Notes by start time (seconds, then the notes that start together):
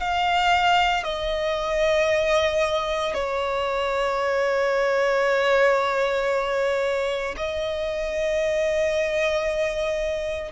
0.00 F5
1.03 D#5
3.14 C#5
7.36 D#5